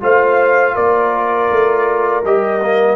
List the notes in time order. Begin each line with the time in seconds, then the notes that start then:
0.00 A3 F4 C5 F5
0.75 A#3 A#4 D5
1.50 A3
2.24 G3 G4 D#5
2.62 A#3